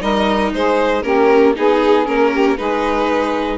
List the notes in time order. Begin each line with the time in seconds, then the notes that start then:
0.00 G3 D#4 A#4 D#5
0.54 G#3 G#4 C5
1.03 A#3 C#4 G4 A#4
1.56 B3 D#4 G#4
2.05 A#3 C#4 A#4
2.31 G4
2.57 G#3 D#4 G#4 B4